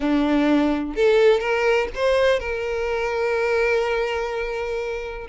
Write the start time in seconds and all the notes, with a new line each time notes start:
0.00 D4
0.95 A4
1.39 A#4
1.95 C5
2.39 A#4